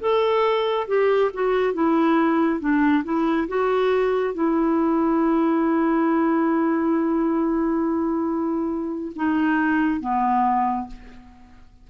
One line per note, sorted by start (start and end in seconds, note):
0.00 0.87 A4
0.87 1.31 G4
1.34 1.74 F#4
1.74 2.60 E4
2.60 3.04 D4
3.04 3.47 E4
3.48 4.34 F#4
4.34 9.12 E4
9.15 10.00 D#4
10.00 10.87 B3